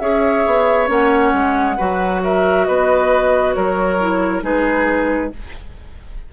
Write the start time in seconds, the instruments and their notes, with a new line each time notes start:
0.00 bassoon C#4, clarinet G#4, oboe C#5, flute E5
0.46 bassoon B3
0.87 bassoon A#3, clarinet C#4, flute F#5
1.33 bassoon G#3
1.77 bassoon F#3, clarinet F#4, oboe B4
2.23 oboe A#4, flute E5
2.65 bassoon B3, oboe B4, flute D#5
3.54 bassoon F#3, oboe A#4, flute C#5
4.00 clarinet E4
4.42 bassoon G#3, clarinet D#4, oboe G#4, flute B4